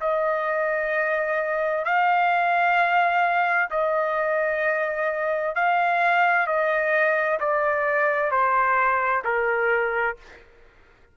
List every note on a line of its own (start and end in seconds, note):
0.00 1.84 D#5
1.84 3.69 F5
3.70 5.55 D#5
5.55 6.46 F5
6.46 7.38 D#5
7.39 8.31 D5
8.31 9.23 C5
9.24 10.16 A#4